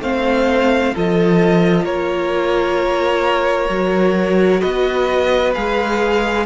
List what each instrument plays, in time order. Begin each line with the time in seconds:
0.00 cello A3, viola C4, violin C5 F5
0.94 cello F3, viola F4, violin A4 D#5
1.84 cello A#3, violin A#4 C#5
3.68 cello F#3, viola F#4
4.60 cello B3, violin B4 D#5
5.54 cello G#3, viola G#4, violin F5